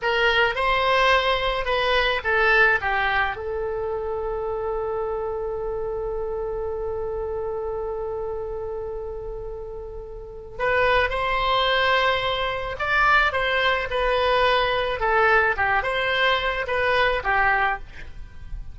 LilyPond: \new Staff \with { instrumentName = "oboe" } { \time 4/4 \tempo 4 = 108 ais'4 c''2 b'4 | a'4 g'4 a'2~ | a'1~ | a'1~ |
a'2. b'4 | c''2. d''4 | c''4 b'2 a'4 | g'8 c''4. b'4 g'4 | }